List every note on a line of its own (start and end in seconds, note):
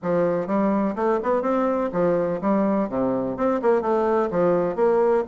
0.02 0.47 F3
0.47 0.95 G3
0.95 1.19 A3
1.22 1.42 B3
1.42 1.90 C4
1.92 2.40 F3
2.41 2.89 G3
2.89 3.36 C3
3.36 3.60 C4
3.62 3.81 A#3
3.81 4.29 A3
4.31 4.75 F3
4.75 5.23 A#3